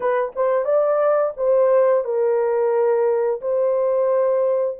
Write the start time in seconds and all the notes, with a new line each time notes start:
0.00 B4
0.35 C5
0.64 D5
1.36 C5
2.04 A#4
3.41 C5